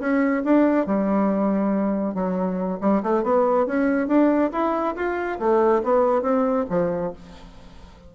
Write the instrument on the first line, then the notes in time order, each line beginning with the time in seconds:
bassoon
0.00 C#4
0.45 D4
0.87 G3
2.15 F#3
2.81 G3
3.03 A3
3.24 B3
3.67 C#4
4.08 D4
4.52 E4
4.96 F4
5.39 A3
5.83 B3
6.22 C4
6.70 F3